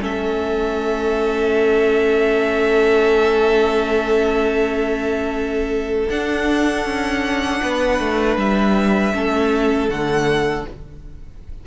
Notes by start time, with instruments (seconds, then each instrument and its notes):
0.00 cello A3, viola C#4, violin A4 E5
6.09 cello D4, viola D4, violin F#5
6.85 cello C#4
7.62 cello B3, violin B4
8.00 cello A3
8.37 cello G3, violin E5
9.14 cello A3, viola C#4, violin A4
9.89 cello D3, viola A3, violin F#5